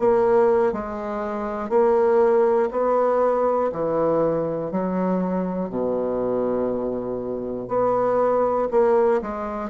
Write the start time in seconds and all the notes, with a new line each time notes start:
0.00 A#3
0.73 G#3
1.70 A#3
2.71 B3
3.73 E3
4.72 F#3
5.70 B2
7.69 B3
8.71 A#3
9.22 G#3